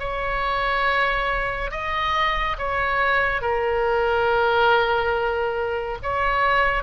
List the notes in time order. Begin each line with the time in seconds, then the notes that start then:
0.00 C#5
1.71 D#5
2.59 C#5
3.42 A#4
6.03 C#5